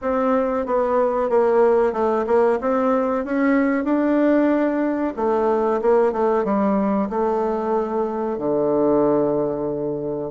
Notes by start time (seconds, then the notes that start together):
0.01 C4
0.66 B3
1.29 A#3
1.92 A3
2.26 A#3
2.60 C4
3.25 C#4
3.84 D4
5.16 A3
5.81 A#3
6.12 A3
6.44 G3
7.09 A3
8.38 D3